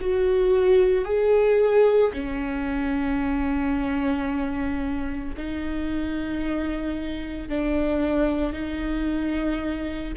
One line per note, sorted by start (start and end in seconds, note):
0.00 1.05 F#4
1.05 2.12 G#4
2.13 5.34 C#4
5.37 7.49 D#4
7.49 8.53 D4
8.53 10.13 D#4